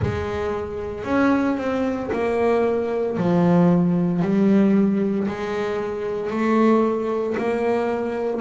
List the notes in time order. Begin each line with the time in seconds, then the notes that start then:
0.01 G#3
1.04 C#4
1.57 C4
2.12 A#3
3.17 F3
4.22 G3
5.27 G#3
6.30 A3
7.37 A#3